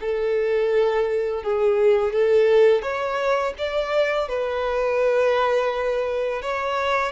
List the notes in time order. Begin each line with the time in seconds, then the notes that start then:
0.00 A4
1.43 G#4
2.13 A4
2.82 C#5
3.57 D5
4.28 B4
6.42 C#5